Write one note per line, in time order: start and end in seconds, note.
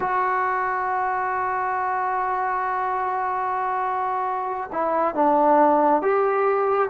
0.00 4.70 F#4
4.72 5.15 E4
5.15 6.02 D4
6.02 6.89 G4